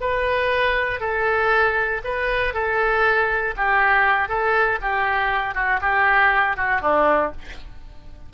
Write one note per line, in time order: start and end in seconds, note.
0.00 1.00 B4
1.00 2.01 A4
2.04 2.54 B4
2.54 3.55 A4
3.56 4.29 G4
4.29 4.79 A4
4.81 5.55 G4
5.55 5.80 F#4
5.81 6.56 G4
6.56 6.81 F#4
6.81 7.32 D4